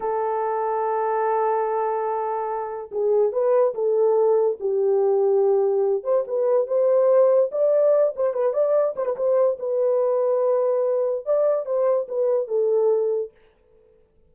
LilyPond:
\new Staff \with { instrumentName = "horn" } { \time 4/4 \tempo 4 = 144 a'1~ | a'2. gis'4 | b'4 a'2 g'4~ | g'2~ g'8 c''8 b'4 |
c''2 d''4. c''8 | b'8 d''4 c''16 b'16 c''4 b'4~ | b'2. d''4 | c''4 b'4 a'2 | }